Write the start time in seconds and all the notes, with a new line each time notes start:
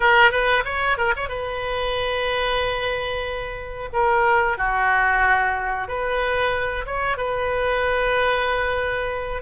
0.00 A#4
0.31 B4
0.65 C#5
0.97 A#4
1.16 C#5
1.28 B4
3.92 A#4
4.57 F#4
5.88 B4
6.86 C#5
7.17 B4